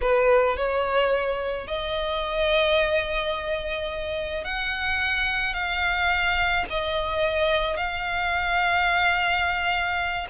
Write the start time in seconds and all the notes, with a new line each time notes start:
0.01 B4
0.57 C#5
1.67 D#5
4.44 F#5
5.53 F5
6.70 D#5
7.76 F5